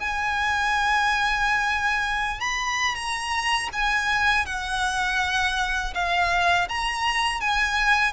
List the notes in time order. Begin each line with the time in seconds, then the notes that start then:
0.00 G#5
2.40 B5
2.95 A#5
3.72 G#5
4.46 F#5
5.94 F5
6.69 A#5
7.40 G#5